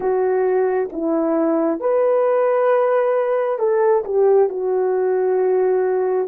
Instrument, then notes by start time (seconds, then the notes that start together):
horn
0.00 F#4
0.92 E4
1.80 B4
3.59 A4
4.04 G4
4.49 F#4